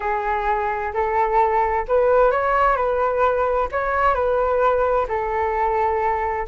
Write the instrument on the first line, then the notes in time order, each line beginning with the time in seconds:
flute
0.00 G#4
0.93 A4
1.88 B4
2.31 C#5
2.76 B4
3.71 C#5
4.14 B4
5.08 A4